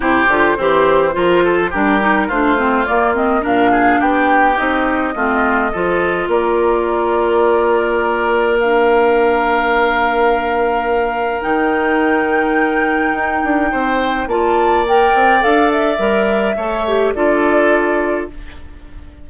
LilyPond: <<
  \new Staff \with { instrumentName = "flute" } { \time 4/4 \tempo 4 = 105 c''2. ais'4 | c''4 d''8 dis''8 f''4 g''4 | dis''2. d''4~ | d''2. f''4~ |
f''1 | g''1~ | g''4 a''4 g''4 f''8 e''8~ | e''2 d''2 | }
  \new Staff \with { instrumentName = "oboe" } { \time 4/4 g'4 c'4 ais'8 a'8 g'4 | f'2 ais'8 gis'8 g'4~ | g'4 f'4 a'4 ais'4~ | ais'1~ |
ais'1~ | ais'1 | c''4 d''2.~ | d''4 cis''4 a'2 | }
  \new Staff \with { instrumentName = "clarinet" } { \time 4/4 e'8 f'8 g'4 f'4 d'8 dis'8 | d'8 c'8 ais8 c'8 d'2 | dis'4 c'4 f'2~ | f'2. d'4~ |
d'1 | dis'1~ | dis'4 f'4 ais'4 a'4 | ais'4 a'8 g'8 f'2 | }
  \new Staff \with { instrumentName = "bassoon" } { \time 4/4 c8 d8 e4 f4 g4 | a4 ais4 ais,4 b4 | c'4 a4 f4 ais4~ | ais1~ |
ais1 | dis2. dis'8 d'8 | c'4 ais4. c'8 d'4 | g4 a4 d'2 | }
>>